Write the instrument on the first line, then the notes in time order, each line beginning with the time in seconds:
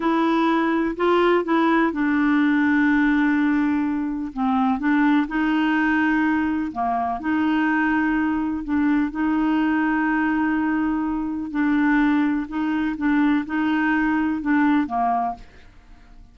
clarinet
0.00 E4
0.96 F4
1.44 E4
1.92 D4
4.33 C4
4.79 D4
5.27 D#4
6.72 A#3
7.20 D#4
8.64 D4
9.11 D#4
11.50 D4
12.48 D#4
12.97 D4
13.46 D#4
14.41 D4
14.86 A#3